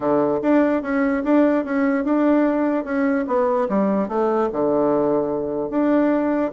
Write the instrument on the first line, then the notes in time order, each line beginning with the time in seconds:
bassoon
0.00 D3
0.41 D4
0.82 C#4
1.24 D4
1.64 C#4
2.04 D4
2.84 C#4
3.27 B3
3.68 G3
4.08 A3
4.52 D3
5.70 D4